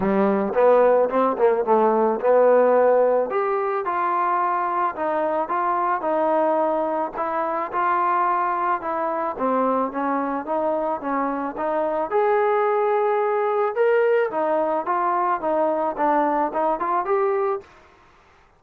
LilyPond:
\new Staff \with { instrumentName = "trombone" } { \time 4/4 \tempo 4 = 109 g4 b4 c'8 ais8 a4 | b2 g'4 f'4~ | f'4 dis'4 f'4 dis'4~ | dis'4 e'4 f'2 |
e'4 c'4 cis'4 dis'4 | cis'4 dis'4 gis'2~ | gis'4 ais'4 dis'4 f'4 | dis'4 d'4 dis'8 f'8 g'4 | }